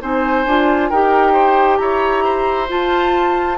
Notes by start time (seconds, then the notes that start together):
0.00 C4 D#4 C5 G#5
0.46 D4 F4
0.89 D#4 G4 A#4 G5
1.32 C5
1.77 E4 C#5 A#5
2.24 C5
2.67 F4 A5